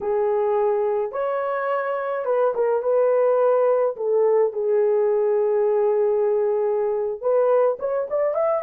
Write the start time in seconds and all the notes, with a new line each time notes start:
0.01 G#4
1.12 C#5
2.25 B4
2.54 A#4
2.82 B4
3.96 A4
4.53 G#4
7.21 B4
7.79 C#5
8.10 D5
8.34 E5